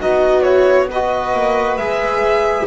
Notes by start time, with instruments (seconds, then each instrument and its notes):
0.00 double bass B3, trombone D#4, viola F#4, violin D#5
0.43 trombone E4, violin C#5
0.90 trombone F#4, viola B4, violin D#5
1.34 double bass A#3
1.77 double bass G#3, trombone G#4, violin E5